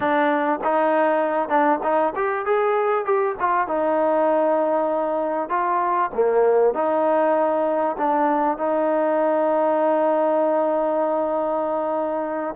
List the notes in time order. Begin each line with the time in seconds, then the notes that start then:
0.00 D4
0.63 D#4
1.48 D4
1.83 D#4
2.15 G4
2.45 G#4
3.05 G4
3.39 F4
3.67 D#4
5.49 F4
6.14 A#3
6.74 D#4
7.97 D4
8.57 D#4